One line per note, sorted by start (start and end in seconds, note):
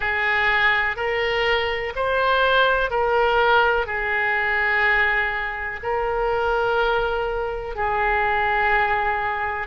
0.00 0.96 G#4
0.96 1.93 A#4
1.95 2.90 C5
2.90 3.86 A#4
3.86 5.80 G#4
5.82 7.75 A#4
7.75 9.67 G#4